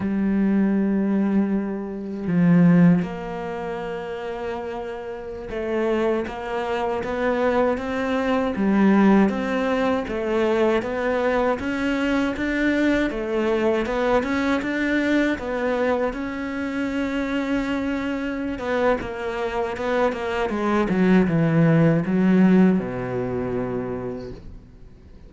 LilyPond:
\new Staff \with { instrumentName = "cello" } { \time 4/4 \tempo 4 = 79 g2. f4 | ais2.~ ais16 a8.~ | a16 ais4 b4 c'4 g8.~ | g16 c'4 a4 b4 cis'8.~ |
cis'16 d'4 a4 b8 cis'8 d'8.~ | d'16 b4 cis'2~ cis'8.~ | cis'8 b8 ais4 b8 ais8 gis8 fis8 | e4 fis4 b,2 | }